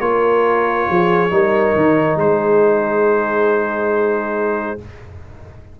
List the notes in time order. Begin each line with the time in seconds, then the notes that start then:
0.00 A#3 F4 A#4 C#5
0.89 F3 G#4
1.30 G3 D#4 A#4
1.76 D#3
2.16 G#3 G#4 C5